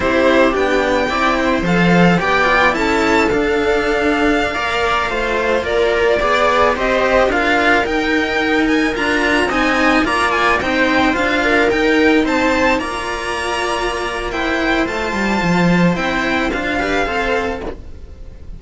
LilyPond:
<<
  \new Staff \with { instrumentName = "violin" } { \time 4/4 \tempo 4 = 109 c''4 g''2 f''4 | g''4 a''4 f''2~ | f''2~ f''16 d''4.~ d''16~ | d''16 dis''4 f''4 g''4. gis''16~ |
gis''16 ais''4 gis''4 ais''8 gis''8 g''8.~ | g''16 f''4 g''4 a''4 ais''8.~ | ais''2 g''4 a''4~ | a''4 g''4 f''2 | }
  \new Staff \with { instrumentName = "viola" } { \time 4/4 g'2 d''8 c''4. | d''4 a'2.~ | a'16 d''4 c''4 ais'4 d''8.~ | d''16 c''4 ais'2~ ais'8.~ |
ais'4~ ais'16 dis''4 d''4 c''8.~ | c''8. ais'4. c''4 d''8.~ | d''2 c''2~ | c''2~ c''8 b'8 c''4 | }
  \new Staff \with { instrumentName = "cello" } { \time 4/4 e'4 d'4 e'4 a'4 | g'8 f'8 e'4 d'2~ | d'16 ais'4 f'2 gis'8.~ | gis'16 g'4 f'4 dis'4.~ dis'16~ |
dis'16 f'4 dis'4 f'4 dis'8.~ | dis'16 f'4 dis'2 f'8.~ | f'2 e'4 f'4~ | f'4 e'4 f'8 g'8 a'4 | }
  \new Staff \with { instrumentName = "cello" } { \time 4/4 c'4 b4 c'4 f4 | b4 cis'4 d'2~ | d'16 ais4 a4 ais4 b8.~ | b16 c'4 d'4 dis'4.~ dis'16~ |
dis'16 d'4 c'4 ais4 c'8.~ | c'16 d'4 dis'4 c'4 ais8.~ | ais2. a8 g8 | f4 c'4 d'4 c'4 | }
>>